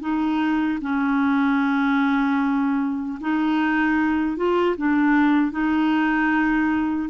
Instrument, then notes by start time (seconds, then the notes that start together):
clarinet
0.00 D#4
0.81 C#4
3.20 D#4
4.36 F4
4.77 D4
5.51 D#4